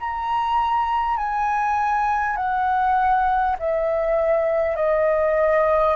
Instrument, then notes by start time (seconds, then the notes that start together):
flute
0.00 A#5
1.17 G#5
2.36 F#5
3.59 E5
4.76 D#5